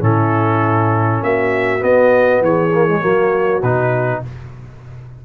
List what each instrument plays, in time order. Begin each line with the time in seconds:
0.00 tuba A2, trombone C#4, horn E4, trumpet A4
1.23 tuba A#3, horn F#4, trumpet E5
1.79 trombone B3, tuba B3, trumpet D#5
2.41 tuba E3, horn G#4, trumpet C#5
2.74 trombone A#3
2.88 trombone G#3
3.01 tuba F#3, trombone A#3, horn F#4
3.62 tuba B2, trombone D#4, trumpet B4